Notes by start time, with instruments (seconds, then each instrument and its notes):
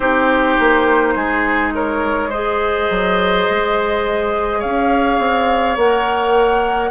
0.00 bassoon C4, clarinet D#4, oboe G4, flute C5
0.59 bassoon A#3
1.15 bassoon G#3, oboe G#4
1.74 oboe A#4, flute C#5
2.29 clarinet G#4, oboe C5, flute D#5
2.90 bassoon F#3
3.50 bassoon G#3
4.59 bassoon C#4, oboe C#5, flute F5
5.19 bassoon C4
5.76 bassoon A#3, clarinet A#4, flute F#5